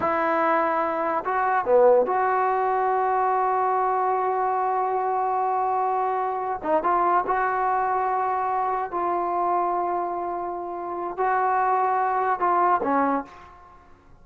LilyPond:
\new Staff \with { instrumentName = "trombone" } { \time 4/4 \tempo 4 = 145 e'2. fis'4 | b4 fis'2.~ | fis'1~ | fis'1 |
dis'8 f'4 fis'2~ fis'8~ | fis'4. f'2~ f'8~ | f'2. fis'4~ | fis'2 f'4 cis'4 | }